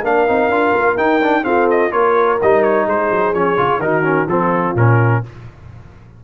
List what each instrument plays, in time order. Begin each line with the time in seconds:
0.00 tuba A#3, trombone D4, horn A#4, trumpet F5
0.28 tuba C4, trombone D#4
0.48 tuba D4, trombone F4
0.73 tuba A#3
0.96 tuba D#4, trombone D#4, trumpet G5
1.22 trombone D4
1.43 trombone C4, tuba F4, horn A4, trumpet F5
1.70 trumpet D#5
1.91 tuba A#3, trombone F4, horn A#4, trumpet C#5
2.42 tuba G3, trombone D#4, trumpet D#5
2.62 trumpet C#5
2.86 tuba G#3, horn G#4, trumpet C5
3.10 tuba F#3
3.33 tuba F3, trombone C#4, trumpet C#5
3.57 tuba C#3, trombone F4
3.78 tuba D#3, trombone D#4, horn F#4, trumpet A#4
4.03 trombone C#4
4.27 tuba F3, trombone C4, horn F4, trumpet A4
4.75 tuba A#2, trombone C#4, trumpet A#4